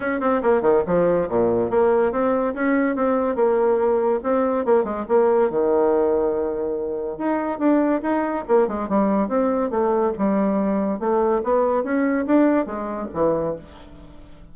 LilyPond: \new Staff \with { instrumentName = "bassoon" } { \time 4/4 \tempo 4 = 142 cis'8 c'8 ais8 dis8 f4 ais,4 | ais4 c'4 cis'4 c'4 | ais2 c'4 ais8 gis8 | ais4 dis2.~ |
dis4 dis'4 d'4 dis'4 | ais8 gis8 g4 c'4 a4 | g2 a4 b4 | cis'4 d'4 gis4 e4 | }